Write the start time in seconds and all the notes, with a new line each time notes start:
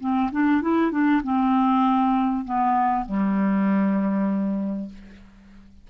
0.00 C4
0.32 D4
0.62 E4
0.91 D4
1.24 C4
2.45 B3
3.06 G3